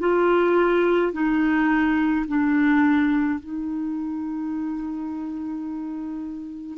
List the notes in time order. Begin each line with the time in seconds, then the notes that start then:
0.00 F4
1.13 D#4
2.28 D4
3.40 D#4